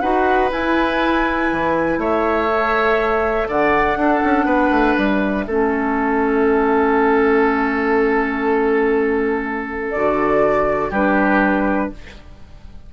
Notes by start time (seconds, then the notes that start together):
0.00 D#4 F#4 B4 F#5
0.52 E4 G#5
1.52 E3
1.98 A3 C#5 E5
2.49 A4
3.48 D3 D5 F#5
3.96 D4 A4
4.24 C#4
4.45 B3 B4
4.71 A3
4.98 G3 E5
5.47 A3 C#4 A4
9.92 D3 F#4 D5
10.90 G3 D4 G4 B4